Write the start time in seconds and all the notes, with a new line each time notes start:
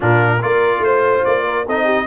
0.00 A#2 D4 F4 A#4
0.41 A#3 F4 A#4 D5
0.79 A3 C5
0.85 C5
1.24 A#3 D5
1.44 A#4
1.66 C4 D#4 A4 D#5
1.84 G4